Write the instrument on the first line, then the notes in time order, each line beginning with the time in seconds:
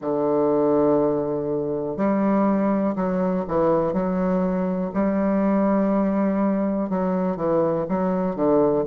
bassoon
0.00 D3
1.97 G3
2.95 F#3
3.47 E3
3.93 F#3
4.93 G3
6.89 F#3
7.36 E3
7.88 F#3
8.35 D3